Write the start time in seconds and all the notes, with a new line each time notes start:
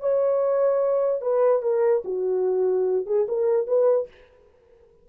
0.00 C#5
1.21 B4
1.62 A#4
2.04 F#4
3.06 G#4
3.28 A#4
3.67 B4